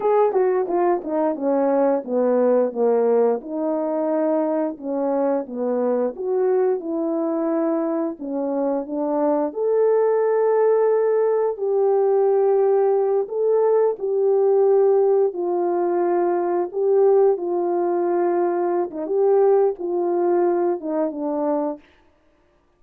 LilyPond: \new Staff \with { instrumentName = "horn" } { \time 4/4 \tempo 4 = 88 gis'8 fis'8 f'8 dis'8 cis'4 b4 | ais4 dis'2 cis'4 | b4 fis'4 e'2 | cis'4 d'4 a'2~ |
a'4 g'2~ g'8 a'8~ | a'8 g'2 f'4.~ | f'8 g'4 f'2~ f'16 dis'16 | g'4 f'4. dis'8 d'4 | }